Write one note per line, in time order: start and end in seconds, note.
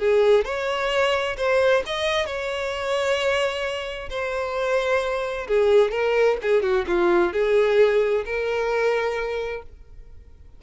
0.00 0.45 G#4
0.45 1.37 C#5
1.38 1.84 C5
1.86 2.27 D#5
2.27 4.10 C#5
4.10 5.48 C5
5.48 5.92 G#4
5.92 6.38 A#4
6.42 6.63 G#4
6.63 6.86 F#4
6.88 7.33 F4
7.33 8.25 G#4
8.26 9.63 A#4